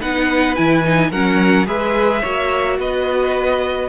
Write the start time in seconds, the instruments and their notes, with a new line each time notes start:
0.00 cello B3, viola D#4, violin B4 F#5
0.56 cello E3, viola E4, violin G#5
0.84 viola D#4
1.11 cello F#3, viola C#4, violin A#4 F#5
1.67 cello G#3, viola G#4, violin B4 E5
2.21 cello A#3, viola F#4, violin C#5
2.79 cello B3, violin B4 D#5